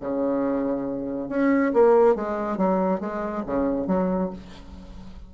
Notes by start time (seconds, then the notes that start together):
0.00 C#3
1.29 C#4
1.73 A#3
2.15 G#3
2.57 F#3
3.00 G#3
3.46 C#3
3.87 F#3